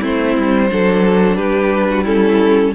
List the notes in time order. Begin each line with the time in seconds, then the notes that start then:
0.00 A3 C4 E4 C5
0.37 G3
0.69 F#3 D4 A4
1.36 G3 G4 B4
1.90 F#4
2.03 C#4 E4 A4